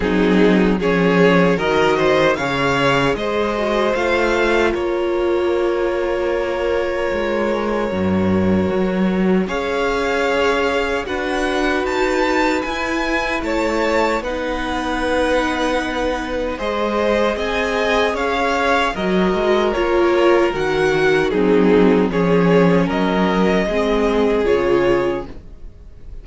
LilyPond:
<<
  \new Staff \with { instrumentName = "violin" } { \time 4/4 \tempo 4 = 76 gis'4 cis''4 dis''4 f''4 | dis''4 f''4 cis''2~ | cis''1 | f''2 fis''4 a''4 |
gis''4 a''4 fis''2~ | fis''4 dis''4 gis''4 f''4 | dis''4 cis''4 fis''4 gis'4 | cis''4 dis''2 cis''4 | }
  \new Staff \with { instrumentName = "violin" } { \time 4/4 dis'4 gis'4 ais'8 c''8 cis''4 | c''2 ais'2~ | ais'1 | cis''2 b'2~ |
b'4 cis''4 b'2~ | b'4 c''4 dis''4 cis''4 | ais'2. dis'4 | gis'4 ais'4 gis'2 | }
  \new Staff \with { instrumentName = "viola" } { \time 4/4 c'4 cis'4 fis'4 gis'4~ | gis'8 fis'8 f'2.~ | f'2 fis'2 | gis'2 fis'2 |
e'2 dis'2~ | dis'4 gis'2. | fis'4 f'4 fis'4 c'4 | cis'2 c'4 f'4 | }
  \new Staff \with { instrumentName = "cello" } { \time 4/4 fis4 f4 dis4 cis4 | gis4 a4 ais2~ | ais4 gis4 fis,4 fis4 | cis'2 d'4 dis'4 |
e'4 a4 b2~ | b4 gis4 c'4 cis'4 | fis8 gis8 ais4 dis4 fis4 | f4 fis4 gis4 cis4 | }
>>